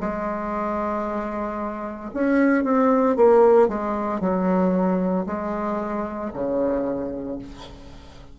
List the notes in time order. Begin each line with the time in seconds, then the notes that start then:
0.00 G#3
2.14 C#4
2.64 C4
3.16 A#3
3.68 G#3
4.20 F#3
5.26 G#3
6.33 C#3